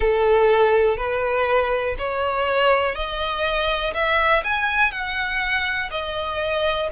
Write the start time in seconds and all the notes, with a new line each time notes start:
0.00 A4
0.97 B4
1.98 C#5
2.95 D#5
3.93 E5
4.44 G#5
4.91 F#5
5.91 D#5